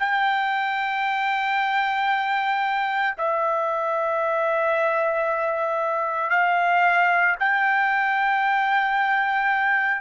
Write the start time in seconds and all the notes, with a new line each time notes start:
0.00 G5
3.18 E5
6.31 F5
7.40 G5